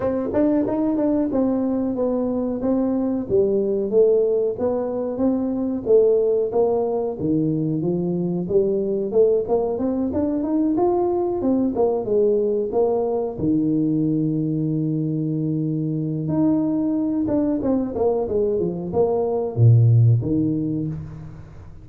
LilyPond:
\new Staff \with { instrumentName = "tuba" } { \time 4/4 \tempo 4 = 92 c'8 d'8 dis'8 d'8 c'4 b4 | c'4 g4 a4 b4 | c'4 a4 ais4 dis4 | f4 g4 a8 ais8 c'8 d'8 |
dis'8 f'4 c'8 ais8 gis4 ais8~ | ais8 dis2.~ dis8~ | dis4 dis'4. d'8 c'8 ais8 | gis8 f8 ais4 ais,4 dis4 | }